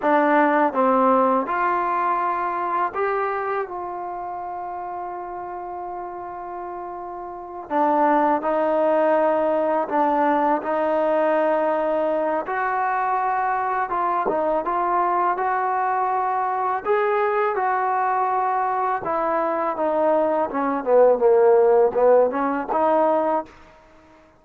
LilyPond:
\new Staff \with { instrumentName = "trombone" } { \time 4/4 \tempo 4 = 82 d'4 c'4 f'2 | g'4 f'2.~ | f'2~ f'8 d'4 dis'8~ | dis'4. d'4 dis'4.~ |
dis'4 fis'2 f'8 dis'8 | f'4 fis'2 gis'4 | fis'2 e'4 dis'4 | cis'8 b8 ais4 b8 cis'8 dis'4 | }